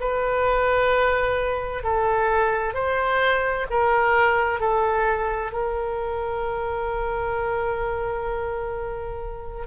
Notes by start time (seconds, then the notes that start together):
0.00 B4
1.83 A4
2.74 C5
3.70 A#4
4.60 A4
5.52 A#4